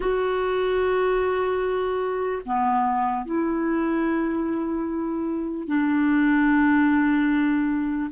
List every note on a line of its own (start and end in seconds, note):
0.00 2.42 F#4
2.45 3.25 B3
3.25 5.67 E4
5.67 8.10 D4